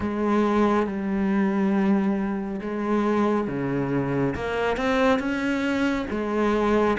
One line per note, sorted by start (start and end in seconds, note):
0.00 0.86 G#3
0.86 2.60 G3
2.61 3.47 G#3
3.47 4.34 C#3
4.35 4.76 A#3
4.76 5.19 C4
5.19 6.06 C#4
6.10 6.97 G#3